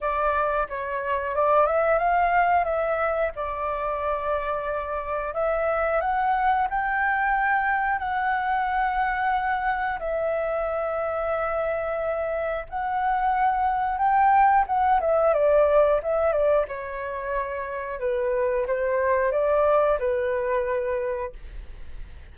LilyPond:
\new Staff \with { instrumentName = "flute" } { \time 4/4 \tempo 4 = 90 d''4 cis''4 d''8 e''8 f''4 | e''4 d''2. | e''4 fis''4 g''2 | fis''2. e''4~ |
e''2. fis''4~ | fis''4 g''4 fis''8 e''8 d''4 | e''8 d''8 cis''2 b'4 | c''4 d''4 b'2 | }